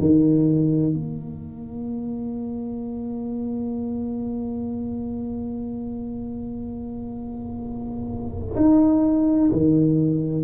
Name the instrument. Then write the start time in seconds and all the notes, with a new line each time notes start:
tuba
0.00 D#3
0.94 A#3
8.56 D#4
9.52 D#3